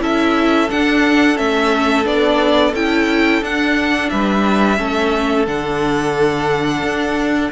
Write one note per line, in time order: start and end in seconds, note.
0.00 0.69 C#4
0.00 0.68 E4
0.00 4.11 A4
0.00 0.70 E5
0.70 1.36 D4
0.70 1.39 D4
0.70 1.38 F#5
1.36 2.06 A3
1.36 2.04 C#4
1.36 2.06 E5
2.05 2.74 B3
2.05 2.73 D4
2.05 2.75 D5
2.74 3.42 C#4
2.74 3.44 E4
2.74 3.44 G5
3.42 4.11 D4
3.42 4.78 D4
3.42 4.10 F#5
4.10 4.79 G3
4.10 4.79 B4
4.10 5.46 E5
4.78 5.47 A3
4.78 5.46 C#4
4.78 7.52 A4
5.48 6.83 D3
5.48 7.52 D4
5.48 7.52 F#5
6.83 7.51 D4